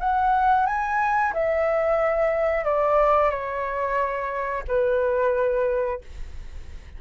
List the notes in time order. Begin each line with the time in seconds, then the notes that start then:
0.00 F#5
0.67 G#5
1.34 E5
2.65 D5
3.31 C#5
4.68 B4